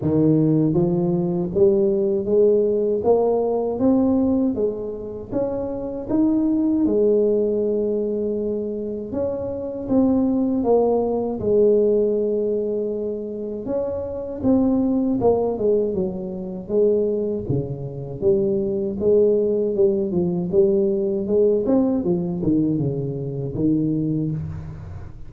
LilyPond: \new Staff \with { instrumentName = "tuba" } { \time 4/4 \tempo 4 = 79 dis4 f4 g4 gis4 | ais4 c'4 gis4 cis'4 | dis'4 gis2. | cis'4 c'4 ais4 gis4~ |
gis2 cis'4 c'4 | ais8 gis8 fis4 gis4 cis4 | g4 gis4 g8 f8 g4 | gis8 c'8 f8 dis8 cis4 dis4 | }